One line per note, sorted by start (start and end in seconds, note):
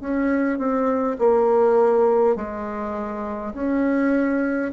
0.00 0.58 C#4
0.58 1.17 C4
1.18 2.36 A#3
2.36 3.53 G#3
3.54 4.72 C#4